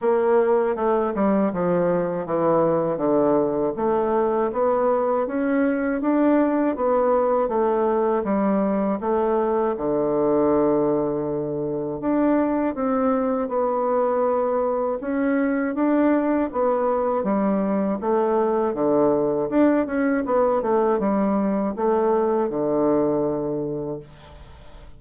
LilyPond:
\new Staff \with { instrumentName = "bassoon" } { \time 4/4 \tempo 4 = 80 ais4 a8 g8 f4 e4 | d4 a4 b4 cis'4 | d'4 b4 a4 g4 | a4 d2. |
d'4 c'4 b2 | cis'4 d'4 b4 g4 | a4 d4 d'8 cis'8 b8 a8 | g4 a4 d2 | }